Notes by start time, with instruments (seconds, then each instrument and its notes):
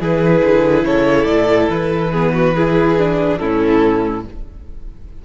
0.00 cello E3, viola E4, violin G#4 B4
0.44 cello D3
0.84 cello C#3, violin A4 C#5
1.26 cello A2, violin D5
1.69 cello E3, violin B4
2.12 viola B3, violin G#4
2.34 violin F#4
2.55 viola E4, violin G#4
2.99 viola D4
3.38 cello A2, viola C#4, violin E4 A4